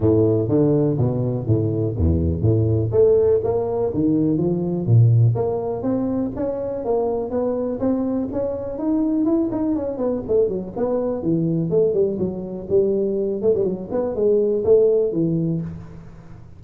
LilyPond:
\new Staff \with { instrumentName = "tuba" } { \time 4/4 \tempo 4 = 123 a,4 d4 b,4 a,4 | e,4 a,4 a4 ais4 | dis4 f4 ais,4 ais4 | c'4 cis'4 ais4 b4 |
c'4 cis'4 dis'4 e'8 dis'8 | cis'8 b8 a8 fis8 b4 e4 | a8 g8 fis4 g4. a16 g16 | fis8 b8 gis4 a4 e4 | }